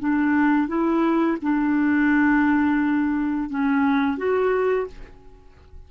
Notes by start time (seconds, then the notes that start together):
0.00 D4
0.68 E4
1.42 D4
3.50 C#4
4.18 F#4